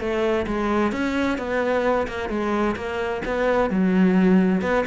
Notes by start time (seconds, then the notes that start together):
0.00 A3
0.47 G#3
0.92 C#4
1.38 B3
2.08 A#3
2.29 G#3
2.76 A#3
3.25 B3
3.70 F#3
4.62 B3